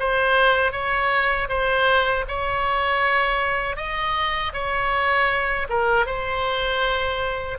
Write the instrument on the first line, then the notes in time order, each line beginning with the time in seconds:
oboe
0.00 C5
0.72 C#5
1.49 C5
2.28 C#5
3.76 D#5
4.53 C#5
5.70 A#4
6.06 C5